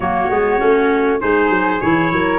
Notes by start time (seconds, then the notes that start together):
0.00 F#3 A#3 F#4 C#5
0.30 G#3 B3
0.58 A3 C#4
1.20 G#3 D#4 G#4 C5
1.49 F#3
1.80 E3 E4 C#5
2.12 F#3 A#4